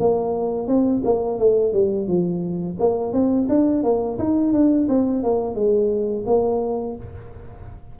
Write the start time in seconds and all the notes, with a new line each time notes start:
0.00 A#3
0.68 C4
1.05 A#3
1.39 A3
1.73 G3
2.08 F3
2.80 A#3
3.13 C4
3.49 D4
3.83 A#3
4.19 D#4
4.53 D4
4.89 C4
5.24 A#3
5.55 G#3
6.27 A#3